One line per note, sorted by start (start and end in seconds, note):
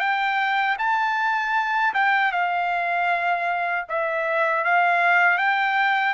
0.00 0.77 G5
0.79 1.94 A5
1.94 2.32 G5
2.32 3.86 F5
3.89 4.65 E5
4.65 5.38 F5
5.38 6.14 G5